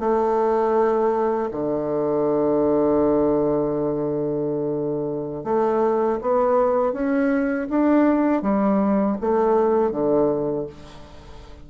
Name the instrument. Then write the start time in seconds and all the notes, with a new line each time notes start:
bassoon
0.00 A3
1.52 D3
5.44 A3
6.22 B3
6.93 C#4
7.70 D4
8.42 G3
9.21 A3
9.92 D3